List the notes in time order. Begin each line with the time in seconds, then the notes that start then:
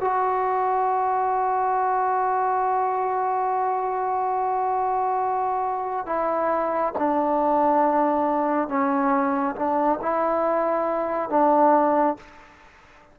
0.00 F#4
6.06 E4
6.98 D4
8.68 C#4
9.55 D4
10.01 E4
11.29 D4